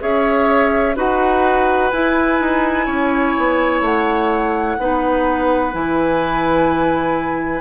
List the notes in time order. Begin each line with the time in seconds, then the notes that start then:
0.00 C#4 G#4 C#5 E5
0.96 D#4 F#4 B4 F#5
1.90 E4 G#5
2.40 D#4
2.86 C#4 C#5
3.38 B3
3.81 A3 F#5
4.79 B3 D#4 B4
5.72 E3 E4 G#5